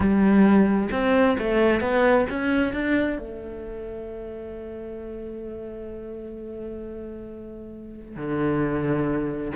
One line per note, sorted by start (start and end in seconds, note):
0.00 0.89 G3
0.91 1.37 C4
1.38 1.81 A3
1.81 2.26 B3
2.29 2.73 C#4
2.73 3.18 D4
3.18 8.16 A3
8.16 9.52 D3